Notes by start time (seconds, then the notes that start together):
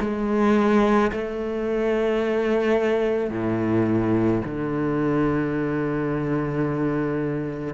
0.00 G#3
1.12 A3
3.30 A2
4.44 D3